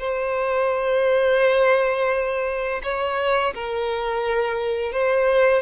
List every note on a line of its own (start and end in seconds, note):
0.00 2.82 C5
2.84 3.54 C#5
3.55 4.93 A#4
4.93 5.63 C5